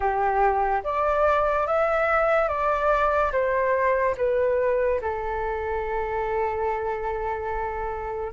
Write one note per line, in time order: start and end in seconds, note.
0.00 0.82 G4
0.83 1.67 D5
1.67 2.48 E5
2.48 3.31 D5
3.31 4.15 C5
4.17 5.00 B4
5.01 8.33 A4